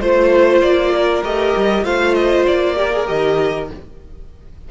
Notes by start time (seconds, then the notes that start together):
0.00 A3 F4 C5
0.61 A#3 D5
0.95 A#4
1.23 A3 G4 D#5
1.56 G3
1.83 A3 F4 C5 F5
2.14 D#5
2.46 A#3 D5
2.76 G4 A#4
2.92 G#4
3.06 D#3 G4 D#5